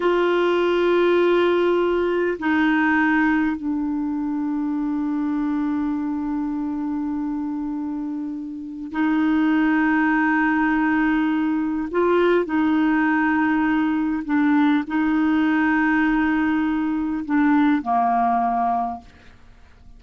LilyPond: \new Staff \with { instrumentName = "clarinet" } { \time 4/4 \tempo 4 = 101 f'1 | dis'2 d'2~ | d'1~ | d'2. dis'4~ |
dis'1 | f'4 dis'2. | d'4 dis'2.~ | dis'4 d'4 ais2 | }